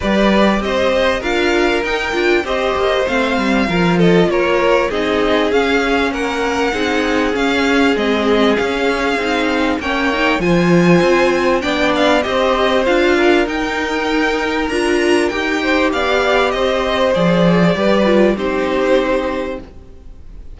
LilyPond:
<<
  \new Staff \with { instrumentName = "violin" } { \time 4/4 \tempo 4 = 98 d''4 dis''4 f''4 g''4 | dis''4 f''4. dis''8 cis''4 | dis''4 f''4 fis''2 | f''4 dis''4 f''2 |
g''4 gis''2 g''8 f''8 | dis''4 f''4 g''2 | ais''4 g''4 f''4 dis''4 | d''2 c''2 | }
  \new Staff \with { instrumentName = "violin" } { \time 4/4 b'4 c''4 ais'2 | c''2 ais'8 a'8 ais'4 | gis'2 ais'4 gis'4~ | gis'1 |
cis''4 c''2 d''4 | c''4. ais'2~ ais'8~ | ais'4. c''8 d''4 c''4~ | c''4 b'4 g'2 | }
  \new Staff \with { instrumentName = "viola" } { \time 4/4 g'2 f'4 dis'8 f'8 | g'4 c'4 f'2 | dis'4 cis'2 dis'4 | cis'4 c'4 cis'4 dis'4 |
cis'8 dis'8 f'2 d'4 | g'4 f'4 dis'2 | f'4 g'2. | gis'4 g'8 f'8 dis'2 | }
  \new Staff \with { instrumentName = "cello" } { \time 4/4 g4 c'4 d'4 dis'8 d'8 | c'8 ais8 a8 g8 f4 ais4 | c'4 cis'4 ais4 c'4 | cis'4 gis4 cis'4 c'4 |
ais4 f4 c'4 b4 | c'4 d'4 dis'2 | d'4 dis'4 b4 c'4 | f4 g4 c'2 | }
>>